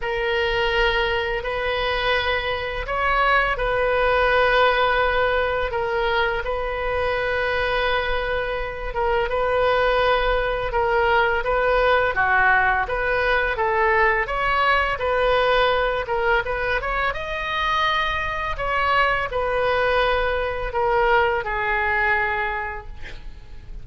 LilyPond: \new Staff \with { instrumentName = "oboe" } { \time 4/4 \tempo 4 = 84 ais'2 b'2 | cis''4 b'2. | ais'4 b'2.~ | b'8 ais'8 b'2 ais'4 |
b'4 fis'4 b'4 a'4 | cis''4 b'4. ais'8 b'8 cis''8 | dis''2 cis''4 b'4~ | b'4 ais'4 gis'2 | }